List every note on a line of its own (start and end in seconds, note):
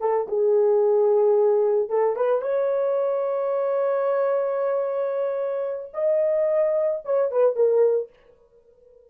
0.00 0.27 A4
0.28 1.89 G#4
1.89 2.16 A4
2.16 2.41 B4
2.41 5.92 C#5
5.93 7.01 D#5
7.05 7.31 C#5
7.31 7.56 B4
7.56 8.10 A#4